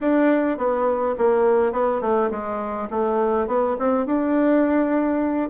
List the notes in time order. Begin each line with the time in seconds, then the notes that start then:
0.00 D4
0.57 B3
1.17 A#3
1.72 B3
2.01 A3
2.30 G#3
2.90 A3
3.47 B3
3.78 C4
4.06 D4